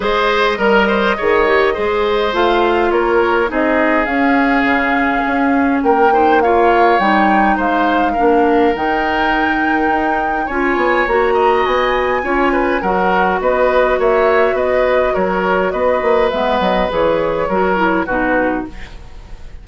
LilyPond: <<
  \new Staff \with { instrumentName = "flute" } { \time 4/4 \tempo 4 = 103 dis''1 | f''4 cis''4 dis''4 f''4~ | f''2 g''4 f''4 | g''4 f''2 g''4~ |
g''2 gis''4 ais''4 | gis''2 fis''4 dis''4 | e''4 dis''4 cis''4 dis''4 | e''8 dis''8 cis''2 b'4 | }
  \new Staff \with { instrumentName = "oboe" } { \time 4/4 c''4 ais'8 c''8 cis''4 c''4~ | c''4 ais'4 gis'2~ | gis'2 ais'8 c''8 cis''4~ | cis''4 c''4 ais'2~ |
ais'2 cis''4. dis''8~ | dis''4 cis''8 b'8 ais'4 b'4 | cis''4 b'4 ais'4 b'4~ | b'2 ais'4 fis'4 | }
  \new Staff \with { instrumentName = "clarinet" } { \time 4/4 gis'4 ais'4 gis'8 g'8 gis'4 | f'2 dis'4 cis'4~ | cis'2~ cis'8 dis'8 f'4 | dis'2 d'4 dis'4~ |
dis'2 f'4 fis'4~ | fis'4 f'4 fis'2~ | fis'1 | b4 gis'4 fis'8 e'8 dis'4 | }
  \new Staff \with { instrumentName = "bassoon" } { \time 4/4 gis4 g4 dis4 gis4 | a4 ais4 c'4 cis'4 | cis4 cis'4 ais2 | g4 gis4 ais4 dis4~ |
dis4 dis'4 cis'8 b8 ais4 | b4 cis'4 fis4 b4 | ais4 b4 fis4 b8 ais8 | gis8 fis8 e4 fis4 b,4 | }
>>